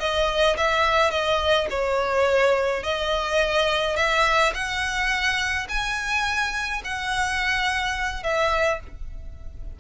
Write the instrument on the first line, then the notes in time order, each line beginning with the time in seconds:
violin
0.00 D#5
0.57 E5
1.11 D#5
1.70 C#5
2.84 D#5
3.96 E5
4.54 F#5
5.69 G#5
6.85 F#5
8.24 E5